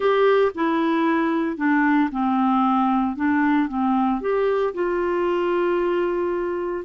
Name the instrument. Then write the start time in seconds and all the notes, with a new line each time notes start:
clarinet
0.00 G4
0.55 E4
1.56 D4
2.11 C4
3.16 D4
3.68 C4
4.21 G4
4.74 F4